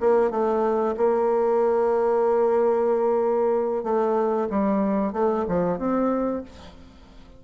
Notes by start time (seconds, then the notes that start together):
0.00 A#3
0.30 A3
0.97 A#3
3.83 A3
4.50 G3
5.12 A3
5.48 F3
5.78 C4